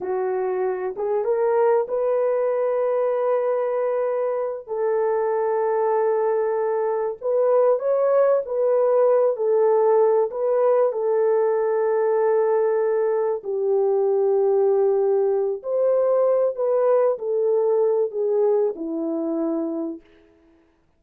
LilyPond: \new Staff \with { instrumentName = "horn" } { \time 4/4 \tempo 4 = 96 fis'4. gis'8 ais'4 b'4~ | b'2.~ b'8 a'8~ | a'2.~ a'8 b'8~ | b'8 cis''4 b'4. a'4~ |
a'8 b'4 a'2~ a'8~ | a'4. g'2~ g'8~ | g'4 c''4. b'4 a'8~ | a'4 gis'4 e'2 | }